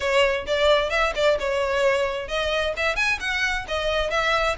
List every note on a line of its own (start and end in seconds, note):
0.00 0.46 C#5
0.46 0.90 D5
0.90 1.13 E5
1.15 1.38 D5
1.39 2.28 C#5
2.28 2.73 D#5
2.76 2.95 E5
2.95 3.18 G#5
3.20 3.65 F#5
3.67 4.10 D#5
4.10 4.56 E5